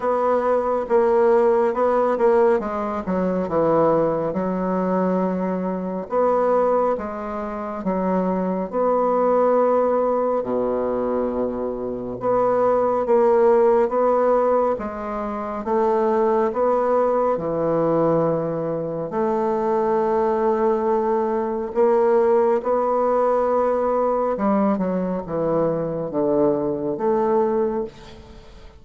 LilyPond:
\new Staff \with { instrumentName = "bassoon" } { \time 4/4 \tempo 4 = 69 b4 ais4 b8 ais8 gis8 fis8 | e4 fis2 b4 | gis4 fis4 b2 | b,2 b4 ais4 |
b4 gis4 a4 b4 | e2 a2~ | a4 ais4 b2 | g8 fis8 e4 d4 a4 | }